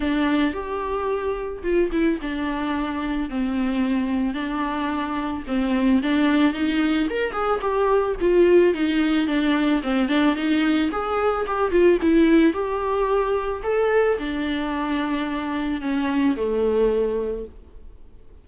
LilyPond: \new Staff \with { instrumentName = "viola" } { \time 4/4 \tempo 4 = 110 d'4 g'2 f'8 e'8 | d'2 c'2 | d'2 c'4 d'4 | dis'4 ais'8 gis'8 g'4 f'4 |
dis'4 d'4 c'8 d'8 dis'4 | gis'4 g'8 f'8 e'4 g'4~ | g'4 a'4 d'2~ | d'4 cis'4 a2 | }